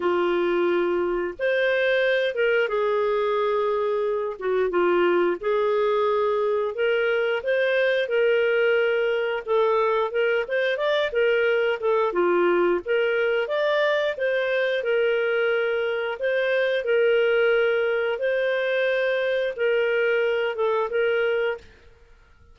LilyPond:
\new Staff \with { instrumentName = "clarinet" } { \time 4/4 \tempo 4 = 89 f'2 c''4. ais'8 | gis'2~ gis'8 fis'8 f'4 | gis'2 ais'4 c''4 | ais'2 a'4 ais'8 c''8 |
d''8 ais'4 a'8 f'4 ais'4 | d''4 c''4 ais'2 | c''4 ais'2 c''4~ | c''4 ais'4. a'8 ais'4 | }